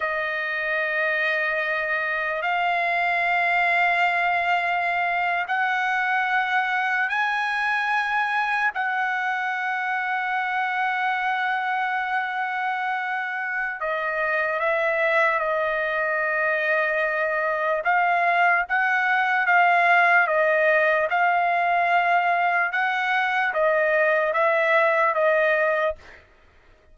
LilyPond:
\new Staff \with { instrumentName = "trumpet" } { \time 4/4 \tempo 4 = 74 dis''2. f''4~ | f''2~ f''8. fis''4~ fis''16~ | fis''8. gis''2 fis''4~ fis''16~ | fis''1~ |
fis''4 dis''4 e''4 dis''4~ | dis''2 f''4 fis''4 | f''4 dis''4 f''2 | fis''4 dis''4 e''4 dis''4 | }